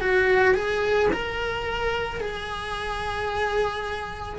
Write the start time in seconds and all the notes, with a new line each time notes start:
0.00 F#4
0.55 G#4
1.13 A#4
2.20 G#4